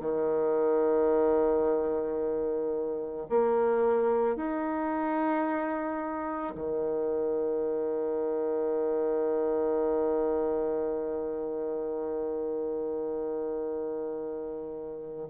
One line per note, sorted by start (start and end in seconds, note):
0.00 3.27 D#3
3.29 4.36 A#3
4.36 6.55 D#4
6.55 15.28 D#3